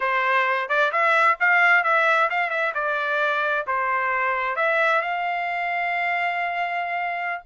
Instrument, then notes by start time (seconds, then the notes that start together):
trumpet
0.00 C5
0.68 D5
0.92 E5
1.39 F5
1.83 E5
2.30 F5
2.50 E5
2.74 D5
3.66 C5
4.56 E5
5.01 F5